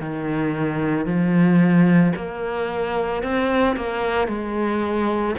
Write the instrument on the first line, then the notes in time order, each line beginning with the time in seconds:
cello
0.00 D#3
1.05 F3
2.16 A#3
3.22 C4
3.76 A#3
4.28 G#3